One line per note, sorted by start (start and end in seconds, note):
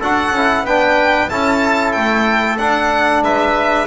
0.00 0.31 D4
0.00 0.35 F#4
0.00 0.65 A4
0.00 0.66 F#5
0.31 0.63 C#4
0.31 0.67 E4
0.63 1.27 B3
0.63 1.30 D4
0.63 1.31 B4
0.63 1.29 G5
1.29 1.96 C#4
1.29 2.59 E4
1.29 3.24 A4
1.29 1.92 A5
1.92 2.58 A3
1.92 2.57 G5
2.58 3.22 D4
2.58 3.87 D4
2.58 3.23 F#5
3.22 3.87 G#3
3.22 3.87 B4
3.22 3.87 E5